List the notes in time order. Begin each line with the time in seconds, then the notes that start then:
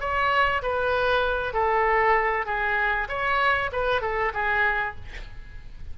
0.00 C#5
0.62 B4
1.53 A4
2.46 G#4
3.09 C#5
3.72 B4
4.01 A4
4.34 G#4